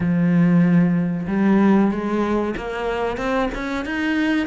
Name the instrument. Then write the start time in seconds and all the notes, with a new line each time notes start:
cello
0.00 F3
1.27 G3
1.91 G#3
2.56 A#3
3.17 C4
3.54 C#4
3.85 D#4